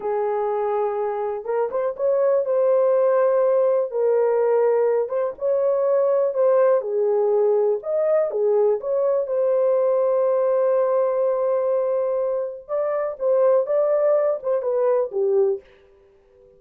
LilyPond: \new Staff \with { instrumentName = "horn" } { \time 4/4 \tempo 4 = 123 gis'2. ais'8 c''8 | cis''4 c''2. | ais'2~ ais'8 c''8 cis''4~ | cis''4 c''4 gis'2 |
dis''4 gis'4 cis''4 c''4~ | c''1~ | c''2 d''4 c''4 | d''4. c''8 b'4 g'4 | }